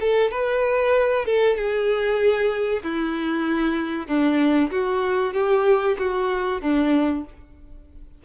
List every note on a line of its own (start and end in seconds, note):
0.00 0.31 A4
0.31 1.25 B4
1.25 1.56 A4
1.56 2.82 G#4
2.83 4.07 E4
4.07 4.71 D4
4.71 5.33 F#4
5.33 5.96 G4
5.98 6.61 F#4
6.61 7.25 D4